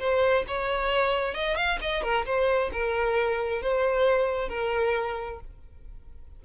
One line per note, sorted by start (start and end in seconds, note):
0.00 0.45 C5
0.48 1.35 C#5
1.35 1.57 D#5
1.57 1.79 F5
1.82 2.03 D#5
2.03 2.26 A#4
2.26 2.71 C5
2.73 3.63 A#4
3.63 4.49 C5
4.49 5.40 A#4